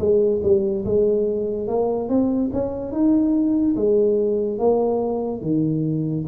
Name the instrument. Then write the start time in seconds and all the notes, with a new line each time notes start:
tuba
0.00 G#3
0.44 G3
0.86 G#3
1.67 A#3
2.09 C4
2.53 C#4
2.92 D#4
3.76 G#3
4.59 A#3
5.42 D#3